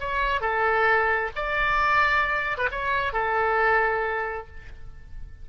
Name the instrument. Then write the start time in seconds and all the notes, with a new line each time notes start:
oboe
0.00 C#5
0.41 A4
1.36 D5
2.58 B4
2.71 C#5
3.13 A4